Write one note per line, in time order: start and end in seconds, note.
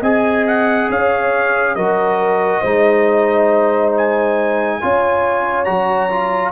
0.00 0.88 C4
0.00 1.77 G#4
0.00 0.87 D#5
0.00 0.45 G#5
0.47 0.90 F#5
0.89 1.75 C#4
0.89 1.76 C#5
0.89 1.75 F5
1.75 2.62 F#3
1.75 2.64 F#4
1.75 2.61 A#4
1.75 3.92 D#5
2.61 4.81 G#3
2.61 4.81 D#4
2.61 4.78 C5
3.97 5.64 G#5
4.81 5.67 C#4
4.81 5.65 F4
4.81 6.51 C#5
5.64 6.51 F#3
5.64 6.09 F#4
5.64 6.51 A#5
6.09 6.51 F4